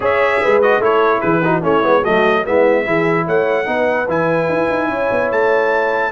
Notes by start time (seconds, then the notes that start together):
0.00 C#4 G#4 C#5 E5
0.41 G#3 B4
0.61 F#4 D#5
0.79 A3 E4 A4 C#5
1.20 E3 G#4 B4
1.44 D#4 F#4
1.62 A3 C#4 E4 C#5
1.82 G#3 B3
2.01 A3 F#4 D#5
2.07 F#3
2.44 G#3 B3 E4 E5
2.84 E3 E4 G#4
3.26 A3 C#5 F#5
3.65 B3 D#4 B4
4.07 E3 E4 G#5
4.48 E4
4.69 D#4
4.88 C#4 C#5
5.11 B3
5.31 A3 A5